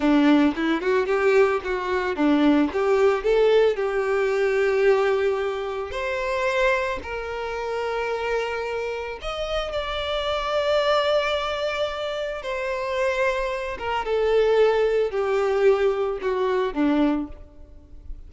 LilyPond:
\new Staff \with { instrumentName = "violin" } { \time 4/4 \tempo 4 = 111 d'4 e'8 fis'8 g'4 fis'4 | d'4 g'4 a'4 g'4~ | g'2. c''4~ | c''4 ais'2.~ |
ais'4 dis''4 d''2~ | d''2. c''4~ | c''4. ais'8 a'2 | g'2 fis'4 d'4 | }